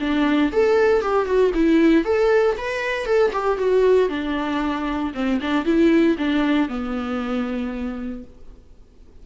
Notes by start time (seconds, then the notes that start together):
0.00 D4
0.52 A4
1.02 G4
1.26 F#4
1.54 E4
2.05 A4
2.57 B4
3.06 A4
3.33 G4
3.58 F#4
4.09 D4
5.14 C4
5.41 D4
5.65 E4
6.18 D4
6.69 B3